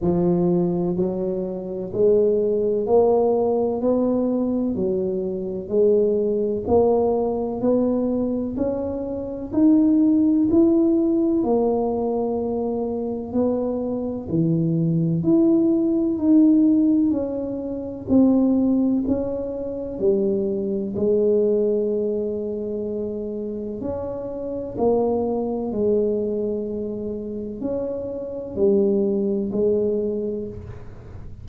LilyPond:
\new Staff \with { instrumentName = "tuba" } { \time 4/4 \tempo 4 = 63 f4 fis4 gis4 ais4 | b4 fis4 gis4 ais4 | b4 cis'4 dis'4 e'4 | ais2 b4 e4 |
e'4 dis'4 cis'4 c'4 | cis'4 g4 gis2~ | gis4 cis'4 ais4 gis4~ | gis4 cis'4 g4 gis4 | }